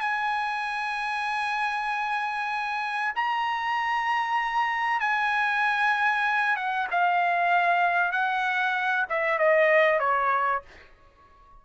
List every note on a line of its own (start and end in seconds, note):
0.00 3.12 G#5
3.15 5.00 A#5
5.00 6.56 G#5
6.56 6.87 F#5
6.91 8.12 F5
8.12 9.05 F#5
9.09 9.38 E5
9.38 9.99 D#5
9.99 10.62 C#5